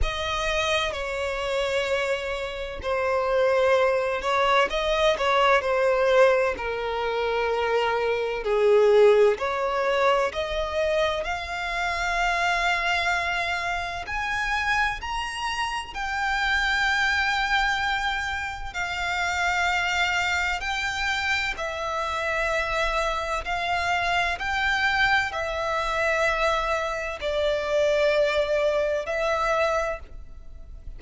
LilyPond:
\new Staff \with { instrumentName = "violin" } { \time 4/4 \tempo 4 = 64 dis''4 cis''2 c''4~ | c''8 cis''8 dis''8 cis''8 c''4 ais'4~ | ais'4 gis'4 cis''4 dis''4 | f''2. gis''4 |
ais''4 g''2. | f''2 g''4 e''4~ | e''4 f''4 g''4 e''4~ | e''4 d''2 e''4 | }